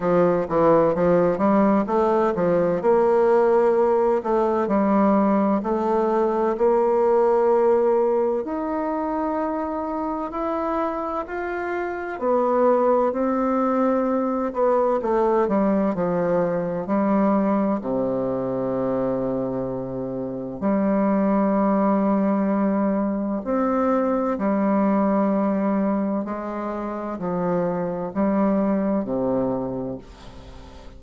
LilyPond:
\new Staff \with { instrumentName = "bassoon" } { \time 4/4 \tempo 4 = 64 f8 e8 f8 g8 a8 f8 ais4~ | ais8 a8 g4 a4 ais4~ | ais4 dis'2 e'4 | f'4 b4 c'4. b8 |
a8 g8 f4 g4 c4~ | c2 g2~ | g4 c'4 g2 | gis4 f4 g4 c4 | }